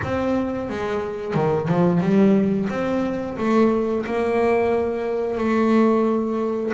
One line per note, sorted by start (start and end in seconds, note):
0.03 0.69 C4
0.69 1.34 G#3
1.34 1.68 D#3
1.68 2.00 F3
2.00 2.68 G3
2.69 3.37 C4
3.37 4.05 A3
4.05 5.37 A#3
5.37 6.72 A3